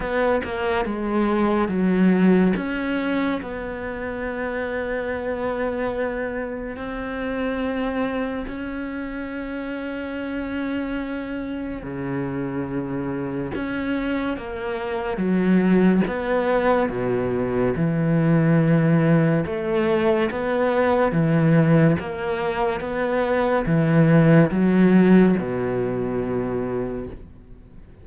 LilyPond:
\new Staff \with { instrumentName = "cello" } { \time 4/4 \tempo 4 = 71 b8 ais8 gis4 fis4 cis'4 | b1 | c'2 cis'2~ | cis'2 cis2 |
cis'4 ais4 fis4 b4 | b,4 e2 a4 | b4 e4 ais4 b4 | e4 fis4 b,2 | }